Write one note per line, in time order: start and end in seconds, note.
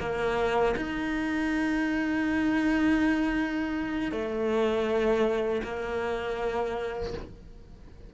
0.00 0.75 A#3
0.77 4.12 D#4
4.12 5.62 A3
5.64 7.14 A#3